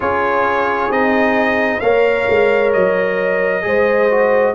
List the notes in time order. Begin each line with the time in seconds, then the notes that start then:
0.00 C#4 F4 G#4 C#5
0.89 C4 D#4 D#5
1.80 A#3 A#4 C#5 F5
2.29 G#3
2.73 F#3 D#5
3.62 G#3 G#4 C5
4.10 F#4